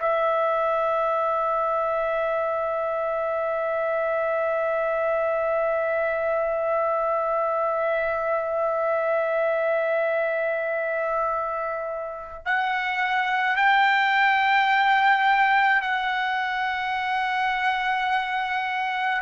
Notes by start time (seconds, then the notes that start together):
0.00 E5
12.46 F#5
13.56 G5
15.82 F#5